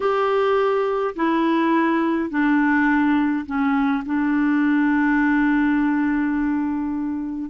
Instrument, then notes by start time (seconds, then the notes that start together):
clarinet
0.00 G4
1.15 E4
2.30 D4
3.46 C#4
4.05 D4